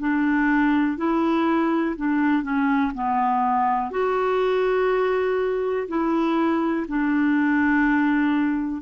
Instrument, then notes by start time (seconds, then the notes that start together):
clarinet
0.00 D4
0.97 E4
1.97 D4
2.43 C#4
2.95 B3
3.92 F#4
5.88 E4
6.89 D4